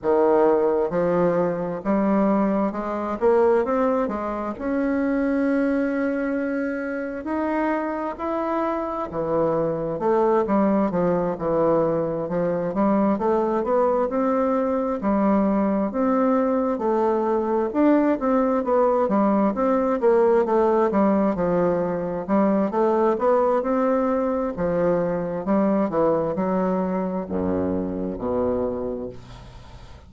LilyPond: \new Staff \with { instrumentName = "bassoon" } { \time 4/4 \tempo 4 = 66 dis4 f4 g4 gis8 ais8 | c'8 gis8 cis'2. | dis'4 e'4 e4 a8 g8 | f8 e4 f8 g8 a8 b8 c'8~ |
c'8 g4 c'4 a4 d'8 | c'8 b8 g8 c'8 ais8 a8 g8 f8~ | f8 g8 a8 b8 c'4 f4 | g8 e8 fis4 fis,4 b,4 | }